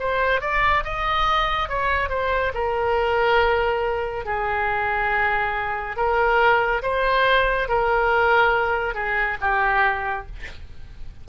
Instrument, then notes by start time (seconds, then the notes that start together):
oboe
0.00 C5
0.41 D5
0.85 D#5
1.69 C#5
2.10 C5
2.54 A#4
4.25 G#4
5.96 A#4
6.83 C5
7.68 A#4
8.95 G#4
9.41 G4